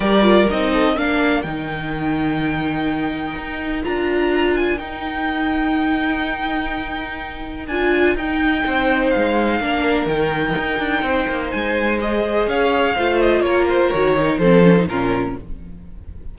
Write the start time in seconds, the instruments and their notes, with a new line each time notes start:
0.00 cello G3, viola G4, violin A#4 D5
0.22 viola F4
0.50 cello C4, viola D#4, violin D#5
0.73 violin A4
0.96 cello A#3, viola D4, violin A#4 F5
1.42 cello D#3, viola D#4, violin G5
3.35 cello D#4
3.82 cello D4, viola F4, violin A#5
4.56 violin G#5
4.78 cello D#4, viola D#4, violin G5
7.67 cello D4, viola F4, violin G#5
8.15 cello D#4, viola D#4, violin G5
8.65 cello C4, violin C5
9.10 cello G#3, violin F5
9.60 cello A#3, viola D4, violin A#4
10.05 cello D#3, viola D#4, violin G5
10.58 cello D#4
10.79 cello D4
11.02 cello C4, violin C5
11.28 cello A#3
11.50 cello G#3, violin G#5
12.01 viola G#4, violin D#5
12.46 cello C#4, violin C#5 F5
12.95 cello A3, viola F4, violin C5
13.21 violin D#5
13.40 cello A#3, violin A#4 C#5
13.68 violin C5
13.90 cello D#3, viola F#4, violin C#5
14.16 viola D#4
14.37 cello F3, viola C4, violin A4 C5
14.64 viola C#4
14.76 viola D#4
14.86 cello A#2, viola C#4, violin F4 A#4